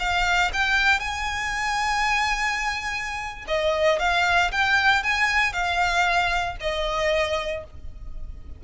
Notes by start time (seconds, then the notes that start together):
0.00 F5
0.53 G5
1.00 G#5
3.48 D#5
4.00 F5
4.52 G5
5.04 G#5
5.53 F5
6.61 D#5